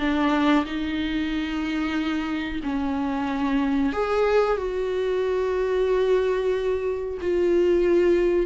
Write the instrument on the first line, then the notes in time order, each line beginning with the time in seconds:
viola
0.00 D4
0.66 D#4
2.64 C#4
3.93 G#4
4.58 F#4
7.22 F4